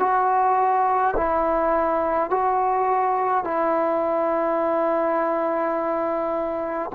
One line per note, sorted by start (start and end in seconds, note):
0.00 1.15 F#4
1.17 2.31 E4
2.31 3.45 F#4
3.45 6.91 E4